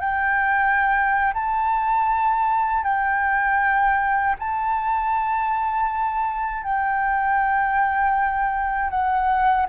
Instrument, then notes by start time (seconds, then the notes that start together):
flute
0.00 G5
1.34 A5
2.83 G5
4.39 A5
6.63 G5
8.90 F#5